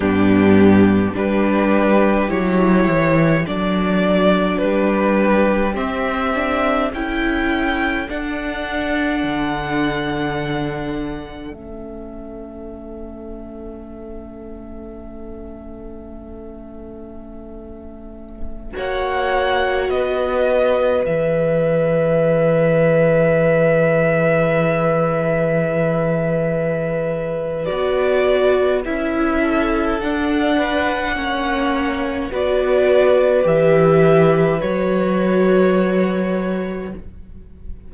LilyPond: <<
  \new Staff \with { instrumentName = "violin" } { \time 4/4 \tempo 4 = 52 g'4 b'4 cis''4 d''4 | b'4 e''4 g''4 fis''4~ | fis''2 e''2~ | e''1~ |
e''16 fis''4 dis''4 e''4.~ e''16~ | e''1 | d''4 e''4 fis''2 | d''4 e''4 cis''2 | }
  \new Staff \with { instrumentName = "violin" } { \time 4/4 d'4 g'2 a'4 | g'2 a'2~ | a'1~ | a'1~ |
a'16 cis''4 b'2~ b'8.~ | b'1~ | b'4. a'4 b'8 cis''4 | b'1 | }
  \new Staff \with { instrumentName = "viola" } { \time 4/4 b4 d'4 e'4 d'4~ | d'4 c'8 d'8 e'4 d'4~ | d'2 cis'2~ | cis'1~ |
cis'16 fis'2 gis'4.~ gis'16~ | gis'1 | fis'4 e'4 d'4 cis'4 | fis'4 g'4 fis'2 | }
  \new Staff \with { instrumentName = "cello" } { \time 4/4 g,4 g4 fis8 e8 fis4 | g4 c'4 cis'4 d'4 | d2 a2~ | a1~ |
a16 ais4 b4 e4.~ e16~ | e1 | b4 cis'4 d'4 ais4 | b4 e4 fis2 | }
>>